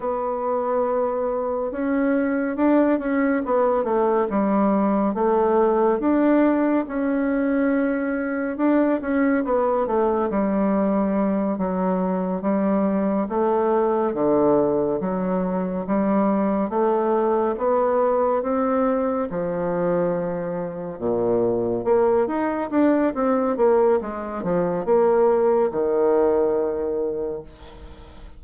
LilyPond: \new Staff \with { instrumentName = "bassoon" } { \time 4/4 \tempo 4 = 70 b2 cis'4 d'8 cis'8 | b8 a8 g4 a4 d'4 | cis'2 d'8 cis'8 b8 a8 | g4. fis4 g4 a8~ |
a8 d4 fis4 g4 a8~ | a8 b4 c'4 f4.~ | f8 ais,4 ais8 dis'8 d'8 c'8 ais8 | gis8 f8 ais4 dis2 | }